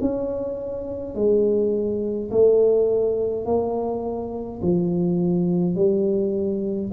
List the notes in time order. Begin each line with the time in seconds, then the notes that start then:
0.00 C#4
1.15 G#3
2.30 A3
3.45 A#3
4.61 F3
5.75 G3